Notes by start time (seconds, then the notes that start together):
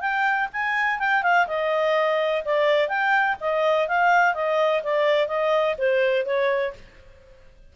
0.00 G5
0.52 G#5
0.99 G5
1.22 F5
1.47 D#5
2.45 D5
2.88 G5
3.40 D#5
3.87 F5
4.34 D#5
4.83 D5
5.27 D#5
5.78 C5
6.25 C#5